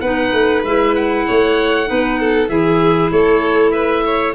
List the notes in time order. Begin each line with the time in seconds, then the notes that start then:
0.00 B3 D#4 B4 F#5
0.33 A3
0.64 G#3 E4 E5
0.95 F#5
1.27 A3 C#5
1.85 B3 D#4 B4
2.19 A4
2.49 E3 E4 G#4 E5
3.11 A3 A4 C#5
3.71 B4 E5
4.05 C#5